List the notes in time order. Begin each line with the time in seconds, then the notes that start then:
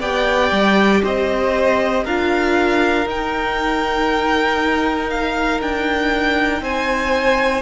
0.00 B3 G4 D5 G5
0.51 G3
1.04 C4 C5 D#5
2.04 D4 F4 A#4 F5
3.06 D#4 G5
5.10 F5
5.61 D4 G5
6.61 C4 C5 G#5